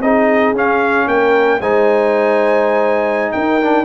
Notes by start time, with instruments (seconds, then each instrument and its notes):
0.00 tuba C4, trombone D#4, horn G#4, trumpet D#5
0.53 tuba C#4, trombone C#4, trumpet F5
1.07 tuba A#3, horn A#4, trumpet G5
1.60 tuba G#3, trombone D#4, horn C5, trumpet G#5
3.32 tuba D#4, horn A#4, trumpet G5
3.62 trombone D4